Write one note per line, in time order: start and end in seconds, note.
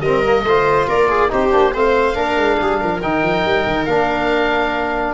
0.00 0.43 G3
0.00 0.24 C4
0.00 0.45 A#4
0.00 0.86 D#5
0.24 0.46 A#3
0.43 0.86 A3
0.43 1.29 F4
0.43 0.88 C5
0.88 1.31 A#3
0.88 1.09 A#4
0.88 1.32 D5
1.09 1.30 G#4
1.29 1.53 C4
1.29 1.51 D#4
1.29 1.74 G4
1.29 1.75 C5
1.51 1.75 A#3
1.51 1.72 D4
1.74 2.16 A3
1.74 2.14 C4
1.74 2.15 C5
1.74 3.02 F5
2.14 2.37 A#3
2.14 3.00 D4
2.14 2.58 A#4
2.37 2.58 G#3
2.61 2.82 G3
2.61 2.80 G#4
2.80 3.03 F3
2.80 5.13 A#4
3.02 3.23 D#3
3.02 3.88 D#4
3.02 3.85 G5
3.23 3.44 F3
3.44 3.66 G3
3.66 3.87 D#3
3.85 5.13 A#3
3.85 5.13 D4
3.85 5.13 F5